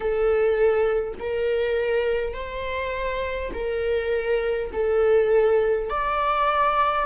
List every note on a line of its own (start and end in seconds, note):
0.00 1.13 A4
1.19 2.33 A#4
2.33 3.51 C5
3.53 4.71 A#4
4.72 5.89 A4
5.89 7.06 D5